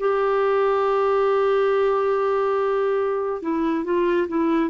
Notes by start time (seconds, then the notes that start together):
0.00 G4
3.42 E4
3.85 F4
4.29 E4